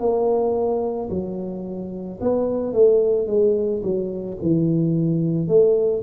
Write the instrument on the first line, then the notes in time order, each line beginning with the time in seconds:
tuba
0.00 A#3
1.10 F#3
2.21 B3
2.73 A3
3.27 G#3
3.83 F#3
4.42 E3
5.48 A3